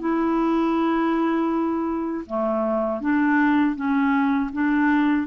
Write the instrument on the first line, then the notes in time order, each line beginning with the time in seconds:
clarinet
0.00 E4
2.27 A3
3.01 D4
3.76 C#4
4.53 D4